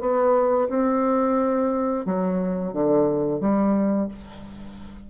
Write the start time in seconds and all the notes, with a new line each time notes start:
0.00 B3
0.69 C4
2.05 F#3
2.72 D3
3.40 G3